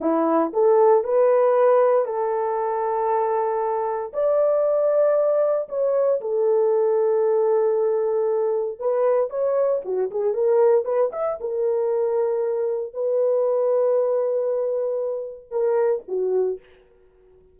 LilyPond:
\new Staff \with { instrumentName = "horn" } { \time 4/4 \tempo 4 = 116 e'4 a'4 b'2 | a'1 | d''2. cis''4 | a'1~ |
a'4 b'4 cis''4 fis'8 gis'8 | ais'4 b'8 e''8 ais'2~ | ais'4 b'2.~ | b'2 ais'4 fis'4 | }